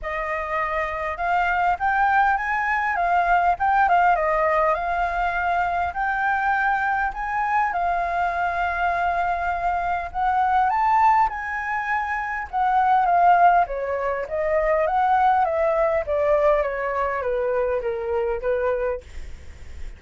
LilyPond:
\new Staff \with { instrumentName = "flute" } { \time 4/4 \tempo 4 = 101 dis''2 f''4 g''4 | gis''4 f''4 g''8 f''8 dis''4 | f''2 g''2 | gis''4 f''2.~ |
f''4 fis''4 a''4 gis''4~ | gis''4 fis''4 f''4 cis''4 | dis''4 fis''4 e''4 d''4 | cis''4 b'4 ais'4 b'4 | }